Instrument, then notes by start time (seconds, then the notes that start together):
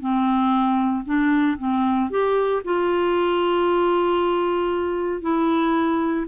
clarinet
0.00 C4
1.05 D4
1.58 C4
2.10 G4
2.64 F4
5.21 E4